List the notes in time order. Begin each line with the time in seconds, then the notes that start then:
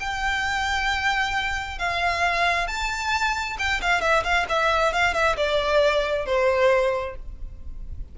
0.00 G5
1.79 F5
2.67 A5
3.59 G5
3.82 F5
4.01 E5
4.24 F5
4.49 E5
4.93 F5
5.14 E5
5.37 D5
6.26 C5